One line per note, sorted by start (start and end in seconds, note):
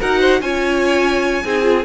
0.00 0.40 D#4
0.00 0.41 F#4
0.00 0.19 A#4
0.00 0.41 F#5
0.19 0.40 C5
0.40 1.43 C#4
0.40 1.44 F4
0.40 1.44 C#5
0.40 1.85 G#5
1.44 1.85 C4
1.44 1.62 D#4
1.44 1.85 G#4
1.62 1.83 F4